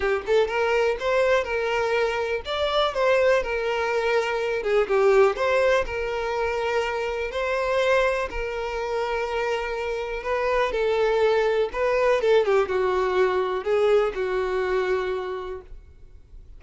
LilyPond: \new Staff \with { instrumentName = "violin" } { \time 4/4 \tempo 4 = 123 g'8 a'8 ais'4 c''4 ais'4~ | ais'4 d''4 c''4 ais'4~ | ais'4. gis'8 g'4 c''4 | ais'2. c''4~ |
c''4 ais'2.~ | ais'4 b'4 a'2 | b'4 a'8 g'8 fis'2 | gis'4 fis'2. | }